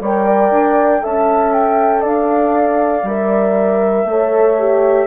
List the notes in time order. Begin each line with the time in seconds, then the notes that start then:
0.00 G3 A#4 C#5 G5
0.26 D5
0.50 D4
1.00 C#4 A4 E5 A5
1.53 G5
2.00 D4 D5 F5
3.03 G3 A#4 E5
4.04 A3 A4 C#5
4.59 G4